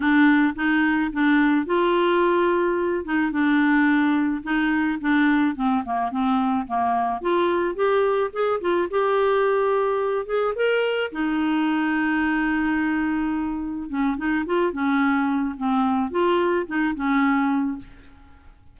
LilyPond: \new Staff \with { instrumentName = "clarinet" } { \time 4/4 \tempo 4 = 108 d'4 dis'4 d'4 f'4~ | f'4. dis'8 d'2 | dis'4 d'4 c'8 ais8 c'4 | ais4 f'4 g'4 gis'8 f'8 |
g'2~ g'8 gis'8 ais'4 | dis'1~ | dis'4 cis'8 dis'8 f'8 cis'4. | c'4 f'4 dis'8 cis'4. | }